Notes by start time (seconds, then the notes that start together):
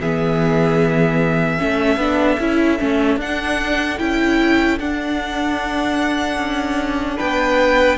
0.00 E3 B3 G#4 E5
1.58 A3 C#4 A4
1.97 B3 D4
2.39 C#4 E4
2.78 A3 C#4
3.16 D4 F#5
3.98 C#4 E4 G5
4.79 D4 F#5
6.37 C#4
7.17 B3 B4 G5